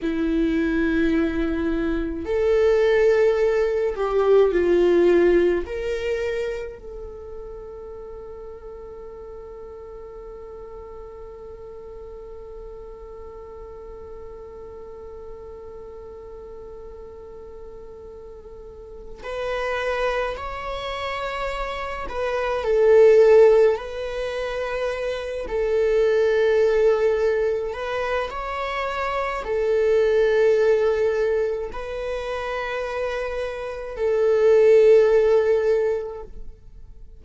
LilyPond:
\new Staff \with { instrumentName = "viola" } { \time 4/4 \tempo 4 = 53 e'2 a'4. g'8 | f'4 ais'4 a'2~ | a'1~ | a'1~ |
a'4 b'4 cis''4. b'8 | a'4 b'4. a'4.~ | a'8 b'8 cis''4 a'2 | b'2 a'2 | }